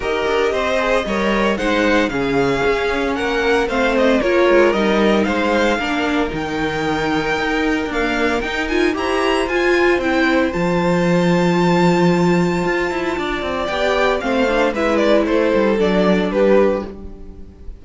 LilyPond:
<<
  \new Staff \with { instrumentName = "violin" } { \time 4/4 \tempo 4 = 114 dis''2. fis''4 | f''2 fis''4 f''8 dis''8 | cis''4 dis''4 f''2 | g''2. f''4 |
g''8 gis''8 ais''4 gis''4 g''4 | a''1~ | a''2 g''4 f''4 | e''8 d''8 c''4 d''4 b'4 | }
  \new Staff \with { instrumentName = "violin" } { \time 4/4 ais'4 c''4 cis''4 c''4 | gis'2 ais'4 c''4 | ais'2 c''4 ais'4~ | ais'1~ |
ais'4 c''2.~ | c''1~ | c''4 d''2 c''4 | b'4 a'2 g'4 | }
  \new Staff \with { instrumentName = "viola" } { \time 4/4 g'4. gis'8 ais'4 dis'4 | cis'2. c'4 | f'4 dis'2 d'4 | dis'2. ais4 |
dis'8 f'8 g'4 f'4 e'4 | f'1~ | f'2 g'4 c'8 d'8 | e'2 d'2 | }
  \new Staff \with { instrumentName = "cello" } { \time 4/4 dis'8 d'8 c'4 g4 gis4 | cis4 cis'4 ais4 a4 | ais8 gis8 g4 gis4 ais4 | dis2 dis'4 d'4 |
dis'4 e'4 f'4 c'4 | f1 | f'8 e'8 d'8 c'8 b4 a4 | gis4 a8 g8 fis4 g4 | }
>>